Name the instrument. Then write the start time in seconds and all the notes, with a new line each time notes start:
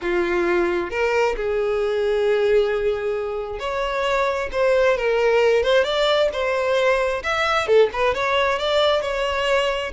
violin
0.01 F4
0.90 A#4
1.36 G#4
3.59 C#5
4.52 C5
4.97 A#4
5.63 C5
5.84 D5
6.32 C5
7.23 E5
7.67 A4
7.92 B4
8.14 C#5
8.58 D5
9.01 C#5